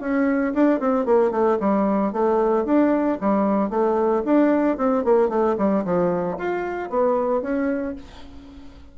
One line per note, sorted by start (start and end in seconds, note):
0.00 0.53 C#4
0.54 0.79 D4
0.79 1.05 C4
1.05 1.31 A#3
1.31 1.57 A3
1.60 2.12 G3
2.12 2.65 A3
2.65 3.18 D4
3.20 3.70 G3
3.70 4.23 A3
4.25 4.77 D4
4.77 5.04 C4
5.04 5.29 A#3
5.29 5.55 A3
5.57 5.84 G3
5.84 6.37 F3
6.37 6.89 F4
6.89 7.42 B3
7.42 7.95 C#4